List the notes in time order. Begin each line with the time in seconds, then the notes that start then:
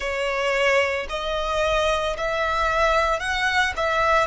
0.00 C#5
1.09 D#5
2.17 E5
3.19 F#5
3.76 E5